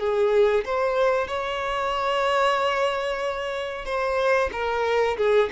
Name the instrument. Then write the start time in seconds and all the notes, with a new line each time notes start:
violin
0.00 G#4
0.65 C5
1.28 C#5
3.86 C5
4.53 A#4
5.18 G#4